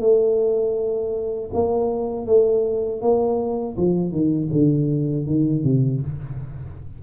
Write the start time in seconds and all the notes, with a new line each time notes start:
0.00 A3
1.53 A#3
2.26 A3
3.01 A#3
3.77 F3
4.11 D#3
4.52 D3
5.26 D#3
5.64 C3